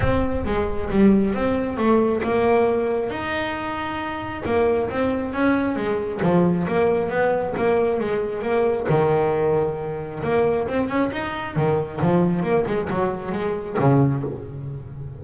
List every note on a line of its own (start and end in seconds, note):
0.00 0.44 C4
0.45 0.89 G#3
0.89 1.33 G3
1.33 1.77 C4
1.77 2.21 A3
2.22 3.09 A#3
3.09 4.43 D#4
4.45 4.89 A#3
4.89 5.33 C4
5.33 5.76 C#4
5.76 6.20 G#3
6.22 6.66 F3
6.67 7.09 A#3
7.09 7.54 B3
7.57 8.00 A#3
8.00 8.42 G#3
8.42 8.86 A#3
8.89 10.22 D#3
10.23 10.67 A#3
10.67 10.88 C4
10.88 11.11 C#4
11.12 11.56 D#4
11.56 12.00 D#3
12.01 12.42 F3
12.42 12.64 A#3
12.66 12.88 G#3
12.89 13.32 F#3
13.32 13.76 G#3
13.79 14.23 C#3